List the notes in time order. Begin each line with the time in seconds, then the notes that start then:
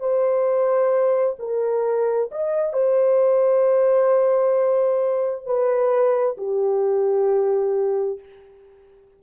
0.00 C5
1.39 A#4
2.32 D#5
2.73 C5
5.46 B4
6.38 G4